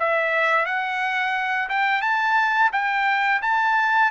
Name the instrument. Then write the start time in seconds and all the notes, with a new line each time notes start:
trumpet
0.00 E5
0.66 F#5
1.70 G5
2.02 A5
2.73 G5
3.42 A5